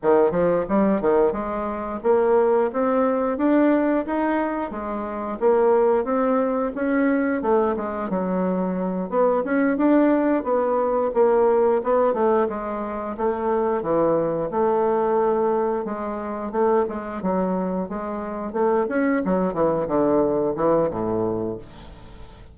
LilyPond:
\new Staff \with { instrumentName = "bassoon" } { \time 4/4 \tempo 4 = 89 dis8 f8 g8 dis8 gis4 ais4 | c'4 d'4 dis'4 gis4 | ais4 c'4 cis'4 a8 gis8 | fis4. b8 cis'8 d'4 b8~ |
b8 ais4 b8 a8 gis4 a8~ | a8 e4 a2 gis8~ | gis8 a8 gis8 fis4 gis4 a8 | cis'8 fis8 e8 d4 e8 a,4 | }